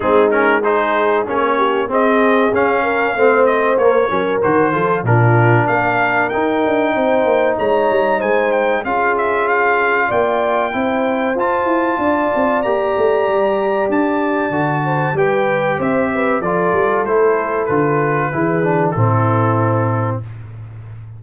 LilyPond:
<<
  \new Staff \with { instrumentName = "trumpet" } { \time 4/4 \tempo 4 = 95 gis'8 ais'8 c''4 cis''4 dis''4 | f''4. dis''8 cis''4 c''4 | ais'4 f''4 g''2 | ais''4 gis''8 g''8 f''8 e''8 f''4 |
g''2 a''2 | ais''2 a''2 | g''4 e''4 d''4 c''4 | b'2 a'2 | }
  \new Staff \with { instrumentName = "horn" } { \time 4/4 dis'4 gis'4. g'8 gis'4~ | gis'8 ais'8 c''4. ais'4 a'8 | f'4 ais'2 c''4 | cis''4 c''4 gis'2 |
d''4 c''2 d''4~ | d''2.~ d''8 c''8 | b'4 c''8 b'8 a'2~ | a'4 gis'4 e'2 | }
  \new Staff \with { instrumentName = "trombone" } { \time 4/4 c'8 cis'8 dis'4 cis'4 c'4 | cis'4 c'4 ais8 cis'8 fis'8 f'8 | d'2 dis'2~ | dis'2 f'2~ |
f'4 e'4 f'2 | g'2. fis'4 | g'2 f'4 e'4 | f'4 e'8 d'8 c'2 | }
  \new Staff \with { instrumentName = "tuba" } { \time 4/4 gis2 ais4 c'4 | cis'4 a4 ais8 fis8 dis8 f8 | ais,4 ais4 dis'8 d'8 c'8 ais8 | gis8 g8 gis4 cis'2 |
ais4 c'4 f'8 e'8 d'8 c'8 | ais8 a8 g4 d'4 d4 | g4 c'4 f8 g8 a4 | d4 e4 a,2 | }
>>